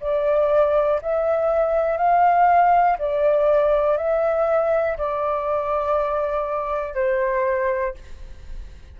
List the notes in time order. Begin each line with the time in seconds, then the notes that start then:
0.00 D5
1.01 E5
1.97 F5
2.98 D5
3.97 E5
4.98 D5
6.94 C5